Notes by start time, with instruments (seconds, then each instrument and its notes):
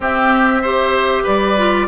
0.00 bassoon C4, clarinet C4, oboe G4, flute E5
0.61 clarinet G4, oboe C5
1.23 bassoon G3, oboe B4, flute D5
1.57 clarinet F4